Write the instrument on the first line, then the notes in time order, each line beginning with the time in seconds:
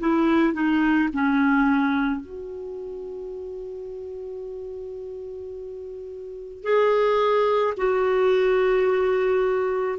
clarinet
0.00 E4
0.54 D#4
1.13 C#4
2.21 F#4
6.63 G#4
7.77 F#4